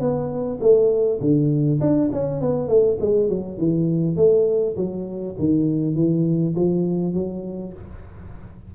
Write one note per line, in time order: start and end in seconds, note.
0.00 0.59 B3
0.60 1.20 A3
1.20 1.80 D3
1.80 2.10 D4
2.12 2.41 C#4
2.41 2.68 B3
2.68 2.98 A3
3.00 3.29 G#3
3.29 3.58 F#3
3.58 4.16 E3
4.16 4.76 A3
4.76 5.35 F#3
5.38 5.95 D#3
5.95 6.54 E3
6.55 7.13 F3
7.13 7.73 F#3